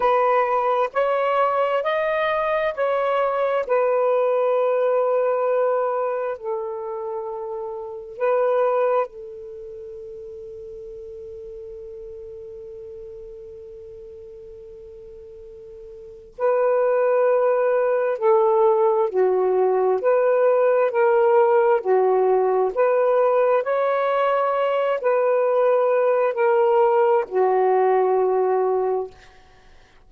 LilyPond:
\new Staff \with { instrumentName = "saxophone" } { \time 4/4 \tempo 4 = 66 b'4 cis''4 dis''4 cis''4 | b'2. a'4~ | a'4 b'4 a'2~ | a'1~ |
a'2 b'2 | a'4 fis'4 b'4 ais'4 | fis'4 b'4 cis''4. b'8~ | b'4 ais'4 fis'2 | }